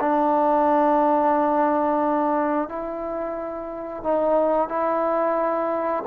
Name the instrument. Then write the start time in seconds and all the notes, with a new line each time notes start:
trombone
0.00 D4
2.69 E4
4.04 D#4
4.69 E4